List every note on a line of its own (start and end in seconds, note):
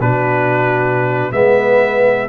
0.00 1.33 B2
0.00 1.32 D4
0.00 1.34 F#4
0.00 1.32 B4
1.32 2.29 G#3
1.32 2.29 B3
1.32 2.29 B4
1.32 2.29 E5